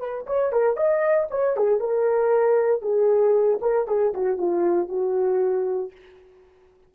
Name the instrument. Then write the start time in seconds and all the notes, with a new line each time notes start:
horn
0.00 B4
0.27 C#5
0.53 A#4
0.77 D#5
1.31 C#5
1.57 G#4
1.80 A#4
2.82 G#4
3.62 A#4
3.88 G#4
4.14 F#4
4.38 F4
4.89 F#4